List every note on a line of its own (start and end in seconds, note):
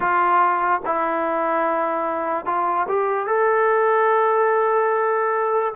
0.00 0.81 F4
0.85 2.45 E4
2.45 2.87 F4
2.88 3.27 G4
3.27 5.73 A4